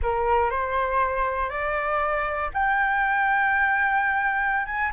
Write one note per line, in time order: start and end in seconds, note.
0.02 0.50 A#4
0.50 1.49 C5
1.49 2.50 D5
2.53 4.65 G5
4.65 4.91 G#5